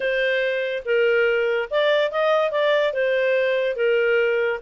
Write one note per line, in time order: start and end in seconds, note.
0.00 0.83 C5
0.85 1.69 A#4
1.70 2.11 D5
2.11 2.51 D#5
2.51 2.93 D5
2.93 3.76 C5
3.76 4.59 A#4